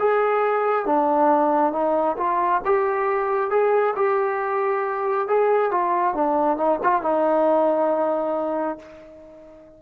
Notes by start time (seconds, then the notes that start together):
0.00 G#4
0.86 D4
1.73 D#4
2.18 F4
2.66 G4
3.51 G#4
3.97 G4
5.28 G#4
5.72 F4
6.15 D4
6.58 D#4
6.84 F4
7.03 D#4